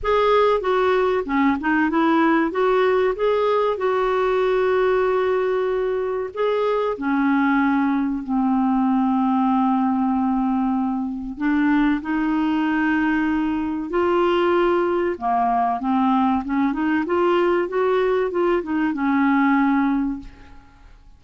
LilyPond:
\new Staff \with { instrumentName = "clarinet" } { \time 4/4 \tempo 4 = 95 gis'4 fis'4 cis'8 dis'8 e'4 | fis'4 gis'4 fis'2~ | fis'2 gis'4 cis'4~ | cis'4 c'2.~ |
c'2 d'4 dis'4~ | dis'2 f'2 | ais4 c'4 cis'8 dis'8 f'4 | fis'4 f'8 dis'8 cis'2 | }